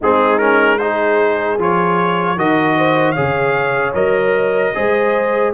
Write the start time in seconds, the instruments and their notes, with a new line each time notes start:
0.01 tuba G#3, trombone C4, horn D#4, trumpet G#4
0.38 trombone C#4, trumpet A#4
0.78 trombone D#4, horn G#4, trumpet C5
1.58 tuba F3, trombone F4, trumpet C#5
2.36 tuba D#3, trombone F#4, horn A#4, trumpet D#5
2.77 horn C5
3.12 trombone G#4, horn C#5, trumpet F5
3.18 tuba C#3
3.94 tuba F#3, trombone A#4, trumpet D#5
4.74 tuba G#3, trombone G#4, horn C5